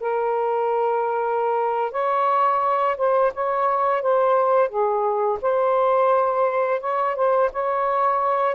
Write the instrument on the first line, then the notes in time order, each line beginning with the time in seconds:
saxophone
0.00 A#4
1.91 C#5
2.97 C5
3.34 C#5
4.02 C5
4.68 G#4
5.41 C5
6.80 C#5
7.15 C5
7.52 C#5